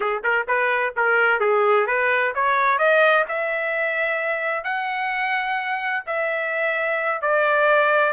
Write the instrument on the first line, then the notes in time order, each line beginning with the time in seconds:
trumpet
0.00 G#4
0.23 A#4
0.47 B4
0.96 A#4
1.40 G#4
1.86 B4
2.34 C#5
2.78 D#5
3.28 E5
4.64 F#5
6.06 E5
7.21 D5